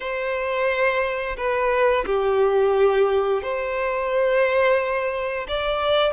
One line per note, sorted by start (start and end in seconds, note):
0.00 1.36 C5
1.36 2.05 B4
2.05 3.42 G4
3.42 5.47 C5
5.48 6.13 D5